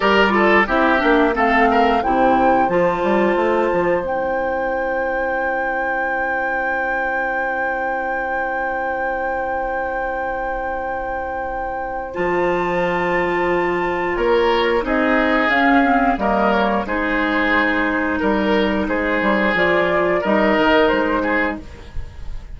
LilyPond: <<
  \new Staff \with { instrumentName = "flute" } { \time 4/4 \tempo 4 = 89 d''4 e''4 f''4 g''4 | a''2 g''2~ | g''1~ | g''1~ |
g''2 a''2~ | a''4 cis''4 dis''4 f''4 | dis''8 cis''8 c''2 ais'4 | c''4 d''4 dis''4 c''4 | }
  \new Staff \with { instrumentName = "oboe" } { \time 4/4 ais'8 a'8 g'4 a'8 ais'8 c''4~ | c''1~ | c''1~ | c''1~ |
c''1~ | c''4 ais'4 gis'2 | ais'4 gis'2 ais'4 | gis'2 ais'4. gis'8 | }
  \new Staff \with { instrumentName = "clarinet" } { \time 4/4 g'8 f'8 e'8 d'8 c'4 e'4 | f'2 e'2~ | e'1~ | e'1~ |
e'2 f'2~ | f'2 dis'4 cis'8 c'8 | ais4 dis'2.~ | dis'4 f'4 dis'2 | }
  \new Staff \with { instrumentName = "bassoon" } { \time 4/4 g4 c'8 ais8 a4 c4 | f8 g8 a8 f8 c'2~ | c'1~ | c'1~ |
c'2 f2~ | f4 ais4 c'4 cis'4 | g4 gis2 g4 | gis8 g8 f4 g8 dis8 gis4 | }
>>